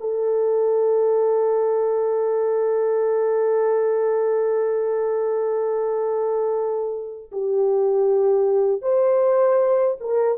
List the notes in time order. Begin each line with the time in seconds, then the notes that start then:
0.00 A4
7.31 G4
8.81 C5
10.00 A#4